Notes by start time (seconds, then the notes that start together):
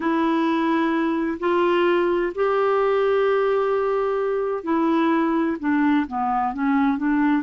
0.00 E4
1.39 F4
2.34 G4
4.63 E4
5.59 D4
6.07 B3
6.53 C#4
6.97 D4